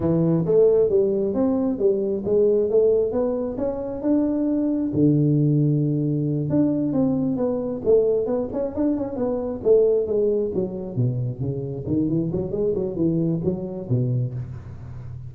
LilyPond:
\new Staff \with { instrumentName = "tuba" } { \time 4/4 \tempo 4 = 134 e4 a4 g4 c'4 | g4 gis4 a4 b4 | cis'4 d'2 d4~ | d2~ d8 d'4 c'8~ |
c'8 b4 a4 b8 cis'8 d'8 | cis'8 b4 a4 gis4 fis8~ | fis8 b,4 cis4 dis8 e8 fis8 | gis8 fis8 e4 fis4 b,4 | }